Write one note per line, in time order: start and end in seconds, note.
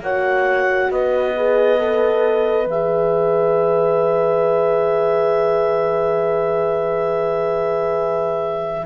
0.00 0.88 A#3
0.00 1.36 F#4
0.00 0.91 C#5
0.00 0.91 F#5
0.91 2.67 B3
0.91 8.86 B4
0.91 2.68 D#5
1.36 1.79 G#4
1.79 2.67 A4
2.67 8.84 E3
2.67 8.86 G#4
2.67 8.86 E5